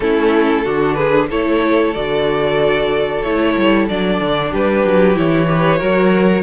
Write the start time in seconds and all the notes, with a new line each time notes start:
0.00 A3 C#4 E4 A4
0.65 D3 D4 F#4
0.94 G#4 B4
1.29 A3 E4 A4 C#5
1.94 D3 F#4 D5
3.22 A3 E4 C#5
3.56 G3
3.88 F#3 D4 D5
4.20 D3
4.50 G3 G4 B4
4.84 F#3
5.14 E3 E4 C#5
5.46 G4 B4
5.78 F#3 F#4 A#4